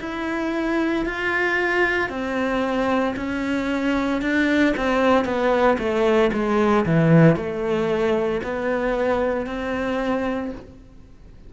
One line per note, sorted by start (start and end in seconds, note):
0.00 1.05 E4
1.05 2.09 F4
2.09 3.14 C4
3.16 4.21 C#4
4.21 4.74 D4
4.77 5.24 C4
5.24 5.77 B3
5.78 6.31 A3
6.33 6.85 G#3
6.86 7.36 E3
7.36 8.41 A3
8.43 9.46 B3
9.46 10.51 C4